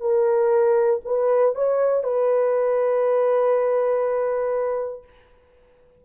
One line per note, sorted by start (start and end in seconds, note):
0.00 1.00 A#4
1.05 1.55 B4
1.55 2.03 C#5
2.03 5.03 B4